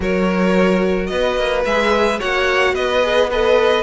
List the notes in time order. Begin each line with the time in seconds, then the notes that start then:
0.00 F#3 F#4 A#4 C#5
1.06 B3 B4 D#5
1.36 A#3
1.65 G#3 G#4 E5
2.19 A#3 F#4 C#5 F#5
2.73 B3 B4 D#5
3.02 G#4
3.30 A4 B4 D#5